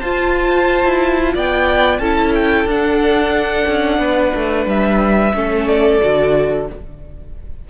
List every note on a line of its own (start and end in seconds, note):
0.00 0.85 F4
0.00 2.02 F4
0.00 1.34 C5
0.00 1.33 A5
0.85 1.35 E4
1.34 1.99 B3
1.34 2.00 D5
1.34 1.99 G5
1.99 2.65 C#4
1.99 2.69 E4
1.99 4.00 A4
1.99 2.32 A5
2.35 2.68 G5
2.65 3.65 D4
2.65 5.35 D4
2.65 4.69 F#5
3.67 3.99 C#4
3.99 4.32 B3
3.99 5.35 B4
4.36 4.66 A3
4.66 5.33 G3
4.66 5.67 E5
5.34 6.01 A3
5.34 6.01 C#4
5.34 6.69 A4
5.67 6.67 D5
6.02 6.70 D3
6.02 6.68 F#4